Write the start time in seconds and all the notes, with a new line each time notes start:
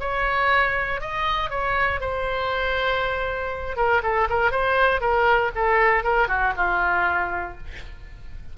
0.00 C#5
1.01 D#5
1.50 C#5
2.00 C5
3.76 A#4
4.03 A4
4.29 A#4
4.51 C5
5.01 A#4
5.55 A4
6.03 A#4
6.28 F#4
6.57 F4